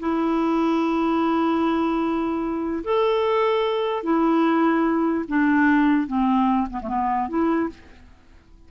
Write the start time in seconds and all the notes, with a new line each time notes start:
0.00 E4
2.84 A4
4.03 E4
5.28 D4
6.07 C4
6.70 B3
6.82 A3
6.88 B3
7.29 E4